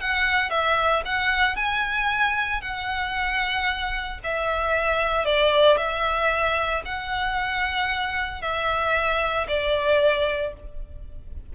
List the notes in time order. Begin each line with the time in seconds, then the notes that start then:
0.00 F#5
0.50 E5
1.05 F#5
1.56 G#5
2.61 F#5
4.23 E5
5.25 D5
5.77 E5
6.85 F#5
8.41 E5
9.48 D5